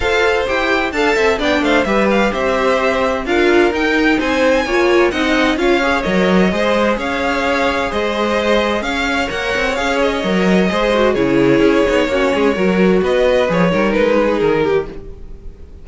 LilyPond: <<
  \new Staff \with { instrumentName = "violin" } { \time 4/4 \tempo 4 = 129 f''4 g''4 a''4 g''8 f''8 | e''8 f''8 e''2 f''4 | g''4 gis''2 fis''4 | f''4 dis''2 f''4~ |
f''4 dis''2 f''4 | fis''4 f''8 dis''2~ dis''8 | cis''1 | dis''4 cis''4 b'4 ais'4 | }
  \new Staff \with { instrumentName = "violin" } { \time 4/4 c''2 f''8 e''8 d''8 c''8 | b'4 c''2 ais'4~ | ais'4 c''4 cis''4 dis''4 | cis''2 c''4 cis''4~ |
cis''4 c''2 cis''4~ | cis''2. c''4 | gis'2 fis'8 gis'8 ais'4 | b'4. ais'4 gis'4 g'8 | }
  \new Staff \with { instrumentName = "viola" } { \time 4/4 a'4 g'4 a'4 d'4 | g'2. f'4 | dis'2 f'4 dis'4 | f'8 gis'8 ais'4 gis'2~ |
gis'1 | ais'4 gis'4 ais'4 gis'8 fis'8 | e'4. dis'8 cis'4 fis'4~ | fis'4 gis'8 dis'2~ dis'8 | }
  \new Staff \with { instrumentName = "cello" } { \time 4/4 f'4 e'4 d'8 c'8 b8 a8 | g4 c'2 d'4 | dis'4 c'4 ais4 c'4 | cis'4 fis4 gis4 cis'4~ |
cis'4 gis2 cis'4 | ais8 c'8 cis'4 fis4 gis4 | cis4 cis'8 b8 ais8 gis8 fis4 | b4 f8 g8 gis4 dis4 | }
>>